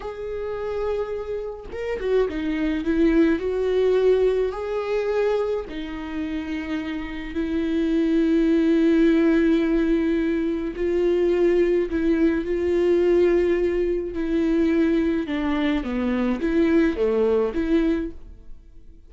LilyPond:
\new Staff \with { instrumentName = "viola" } { \time 4/4 \tempo 4 = 106 gis'2. ais'8 fis'8 | dis'4 e'4 fis'2 | gis'2 dis'2~ | dis'4 e'2.~ |
e'2. f'4~ | f'4 e'4 f'2~ | f'4 e'2 d'4 | b4 e'4 a4 e'4 | }